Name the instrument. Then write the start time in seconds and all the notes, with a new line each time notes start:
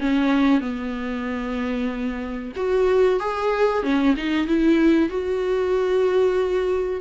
viola
0.00 C#4
0.61 B3
2.56 F#4
3.19 G#4
3.83 C#4
4.16 D#4
4.47 E4
5.09 F#4